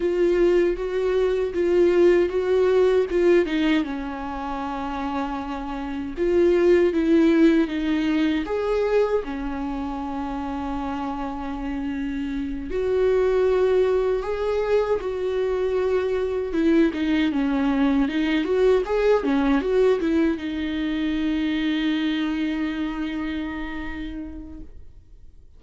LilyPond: \new Staff \with { instrumentName = "viola" } { \time 4/4 \tempo 4 = 78 f'4 fis'4 f'4 fis'4 | f'8 dis'8 cis'2. | f'4 e'4 dis'4 gis'4 | cis'1~ |
cis'8 fis'2 gis'4 fis'8~ | fis'4. e'8 dis'8 cis'4 dis'8 | fis'8 gis'8 cis'8 fis'8 e'8 dis'4.~ | dis'1 | }